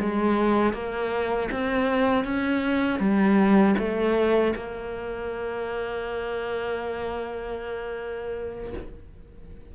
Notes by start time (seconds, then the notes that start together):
0.00 G#3
0.73 A#3
1.51 C4
2.24 C#4
2.99 G3
3.78 A3
4.55 A#3